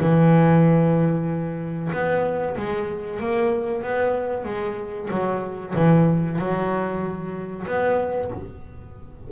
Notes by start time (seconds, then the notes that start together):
0.00 E3
1.92 B3
2.56 G#3
3.20 A#3
3.83 B3
4.44 G#3
5.10 F#3
5.75 E3
6.38 F#3
7.67 B3